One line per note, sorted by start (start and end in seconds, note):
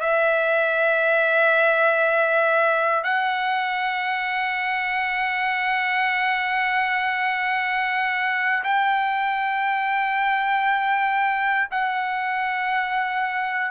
0.00 3.04 E5
3.04 8.63 F#5
8.63 11.69 G5
11.70 13.71 F#5